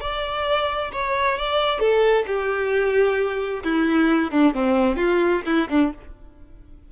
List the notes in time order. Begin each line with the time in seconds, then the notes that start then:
0.00 D5
0.92 C#5
1.38 D5
1.79 A4
2.26 G4
3.63 E4
4.31 D4
4.54 C4
4.96 F4
5.45 E4
5.69 D4